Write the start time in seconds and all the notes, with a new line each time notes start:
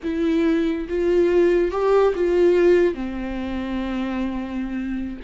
0.03 E4
0.89 F4
1.71 G4
2.15 F4
2.94 C4